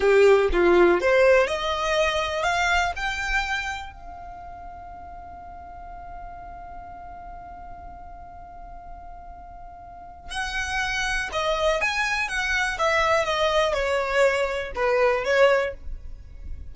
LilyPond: \new Staff \with { instrumentName = "violin" } { \time 4/4 \tempo 4 = 122 g'4 f'4 c''4 dis''4~ | dis''4 f''4 g''2 | f''1~ | f''1~ |
f''1~ | f''4 fis''2 dis''4 | gis''4 fis''4 e''4 dis''4 | cis''2 b'4 cis''4 | }